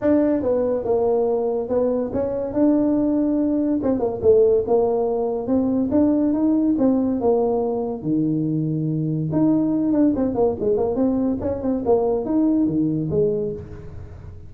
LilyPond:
\new Staff \with { instrumentName = "tuba" } { \time 4/4 \tempo 4 = 142 d'4 b4 ais2 | b4 cis'4 d'2~ | d'4 c'8 ais8 a4 ais4~ | ais4 c'4 d'4 dis'4 |
c'4 ais2 dis4~ | dis2 dis'4. d'8 | c'8 ais8 gis8 ais8 c'4 cis'8 c'8 | ais4 dis'4 dis4 gis4 | }